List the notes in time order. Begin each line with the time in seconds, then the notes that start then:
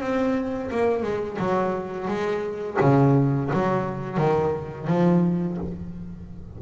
0.00 C4
0.71 A#3
1.02 G#3
1.39 F#3
2.08 G#3
2.81 C#3
3.53 F#3
4.17 D#3
4.87 F3